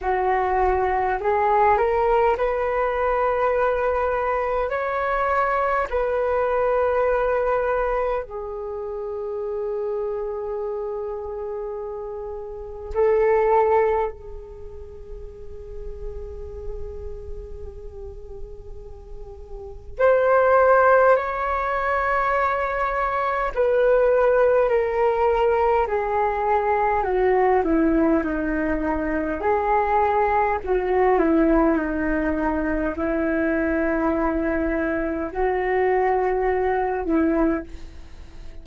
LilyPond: \new Staff \with { instrumentName = "flute" } { \time 4/4 \tempo 4 = 51 fis'4 gis'8 ais'8 b'2 | cis''4 b'2 gis'4~ | gis'2. a'4 | gis'1~ |
gis'4 c''4 cis''2 | b'4 ais'4 gis'4 fis'8 e'8 | dis'4 gis'4 fis'8 e'8 dis'4 | e'2 fis'4. e'8 | }